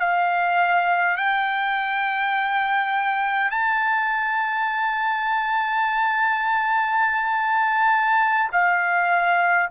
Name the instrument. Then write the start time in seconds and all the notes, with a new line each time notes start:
trumpet
0.00 F5
1.17 G5
3.51 A5
8.52 F5